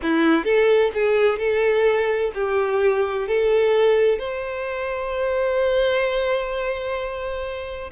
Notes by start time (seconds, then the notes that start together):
0.02 E4
0.44 A4
0.93 G#4
1.38 A4
2.34 G4
3.27 A4
4.19 C5